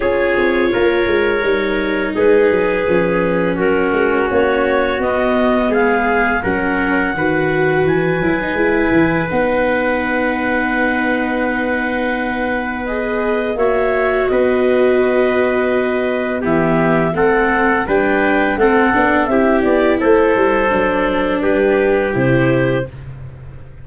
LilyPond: <<
  \new Staff \with { instrumentName = "clarinet" } { \time 4/4 \tempo 4 = 84 cis''2. b'4~ | b'4 ais'4 cis''4 dis''4 | f''4 fis''2 gis''4~ | gis''4 fis''2.~ |
fis''2 dis''4 e''4 | dis''2. e''4 | fis''4 g''4 fis''4 e''8 d''8 | c''2 b'4 c''4 | }
  \new Staff \with { instrumentName = "trumpet" } { \time 4/4 gis'4 ais'2 gis'4~ | gis'4 fis'2. | gis'4 ais'4 b'2~ | b'1~ |
b'2. cis''4 | b'2. g'4 | a'4 b'4 a'4 g'4 | a'2 g'2 | }
  \new Staff \with { instrumentName = "viola" } { \time 4/4 f'2 dis'2 | cis'2. b4~ | b4 cis'4 fis'4. e'16 dis'16 | e'4 dis'2.~ |
dis'2 gis'4 fis'4~ | fis'2. b4 | c'4 d'4 c'8 d'8 e'4~ | e'4 d'2 e'4 | }
  \new Staff \with { instrumentName = "tuba" } { \time 4/4 cis'8 c'8 ais8 gis8 g4 gis8 fis8 | f4 fis8 gis8 ais4 b4 | gis4 fis4 dis4 e8 fis8 | gis8 e8 b2.~ |
b2. ais4 | b2. e4 | a4 g4 a8 b8 c'8 b8 | a8 g8 fis4 g4 c4 | }
>>